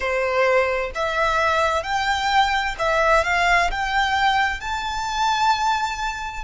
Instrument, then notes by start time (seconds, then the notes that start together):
violin
0.00 C5
0.94 E5
1.83 G5
2.78 E5
3.23 F5
3.70 G5
4.60 A5